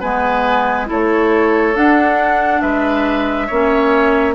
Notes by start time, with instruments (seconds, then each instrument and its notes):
0.00 bassoon G#3, clarinet B3, oboe B4, flute G#5
0.86 bassoon A3, clarinet E4, oboe A4, flute C#5
1.75 clarinet D4, bassoon D4, flute F#5
2.61 bassoon G#3, oboe B4, flute E5
3.47 bassoon A#3, clarinet C#4, oboe C#5